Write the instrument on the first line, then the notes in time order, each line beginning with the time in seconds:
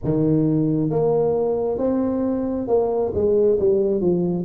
tuba
0.04 D#3
0.90 A#3
1.77 C4
2.67 A#3
3.14 G#3
3.59 G3
4.01 F3